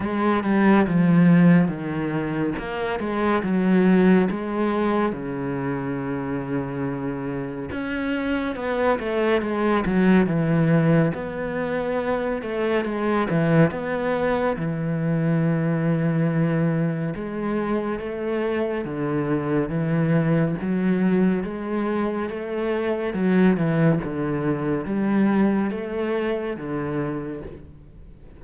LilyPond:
\new Staff \with { instrumentName = "cello" } { \time 4/4 \tempo 4 = 70 gis8 g8 f4 dis4 ais8 gis8 | fis4 gis4 cis2~ | cis4 cis'4 b8 a8 gis8 fis8 | e4 b4. a8 gis8 e8 |
b4 e2. | gis4 a4 d4 e4 | fis4 gis4 a4 fis8 e8 | d4 g4 a4 d4 | }